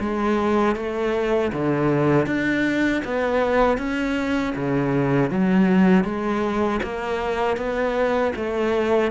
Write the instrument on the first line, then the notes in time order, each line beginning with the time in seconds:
cello
0.00 G#3
0.76 A3
1.53 D3
2.26 D4
3.05 B3
3.78 C#4
4.56 C#3
5.31 F#3
6.04 G#3
6.83 A#3
7.57 B3
8.36 A3